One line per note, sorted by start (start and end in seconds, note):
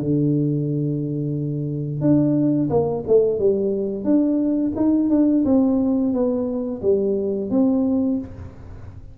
0.00 2.01 D3
2.01 2.69 D4
2.70 3.04 A#3
3.07 3.39 A3
3.39 4.04 G3
4.04 4.72 D4
4.76 5.10 D#4
5.10 5.44 D4
5.45 6.13 C4
6.13 6.82 B3
6.82 7.50 G3
7.50 8.18 C4